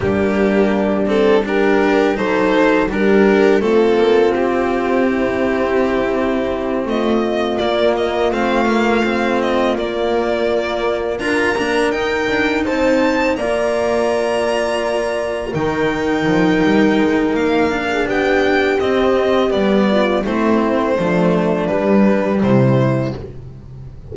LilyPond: <<
  \new Staff \with { instrumentName = "violin" } { \time 4/4 \tempo 4 = 83 g'4. a'8 ais'4 c''4 | ais'4 a'4 g'2~ | g'4. dis''4 d''8 dis''8 f''8~ | f''4 dis''8 d''2 ais''8~ |
ais''8 g''4 a''4 ais''4.~ | ais''4. g''2~ g''8 | f''4 g''4 dis''4 d''4 | c''2 b'4 c''4 | }
  \new Staff \with { instrumentName = "horn" } { \time 4/4 d'2 g'4 a'4 | g'4 f'2 e'4~ | e'4. f'2~ f'8~ | f'2.~ f'8 ais'8~ |
ais'4. c''4 d''4.~ | d''4. ais'2~ ais'8~ | ais'8. gis'16 g'2~ g'8 f'8 | e'4 d'2 e'4 | }
  \new Staff \with { instrumentName = "cello" } { \time 4/4 ais4. c'8 d'4 dis'4 | d'4 c'2.~ | c'2~ c'8 ais4 c'8 | ais8 c'4 ais2 f'8 |
d'8 dis'2 f'4.~ | f'4. dis'2~ dis'8~ | dis'8 d'4. c'4 b4 | c'4 a4 g2 | }
  \new Staff \with { instrumentName = "double bass" } { \time 4/4 g2. fis4 | g4 a8 ais8 c'2~ | c'4. a4 ais4 a8~ | a4. ais2 d'8 |
ais8 dis'8 d'8 c'4 ais4.~ | ais4. dis4 f8 g8 gis8 | ais4 b4 c'4 g4 | a4 f4 g4 c4 | }
>>